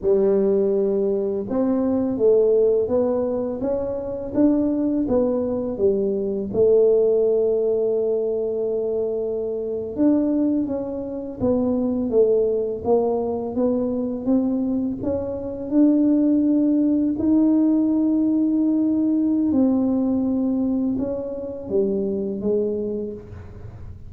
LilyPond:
\new Staff \with { instrumentName = "tuba" } { \time 4/4 \tempo 4 = 83 g2 c'4 a4 | b4 cis'4 d'4 b4 | g4 a2.~ | a4.~ a16 d'4 cis'4 b16~ |
b8. a4 ais4 b4 c'16~ | c'8. cis'4 d'2 dis'16~ | dis'2. c'4~ | c'4 cis'4 g4 gis4 | }